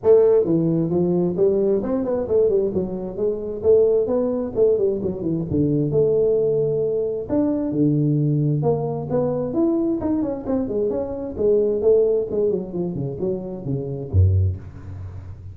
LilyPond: \new Staff \with { instrumentName = "tuba" } { \time 4/4 \tempo 4 = 132 a4 e4 f4 g4 | c'8 b8 a8 g8 fis4 gis4 | a4 b4 a8 g8 fis8 e8 | d4 a2. |
d'4 d2 ais4 | b4 e'4 dis'8 cis'8 c'8 gis8 | cis'4 gis4 a4 gis8 fis8 | f8 cis8 fis4 cis4 fis,4 | }